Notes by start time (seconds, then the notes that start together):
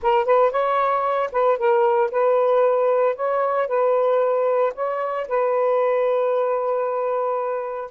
0.02 A#4
0.25 B4
0.51 C#5
1.32 B4
1.58 A#4
2.11 B4
3.15 C#5
3.67 B4
4.74 C#5
5.28 B4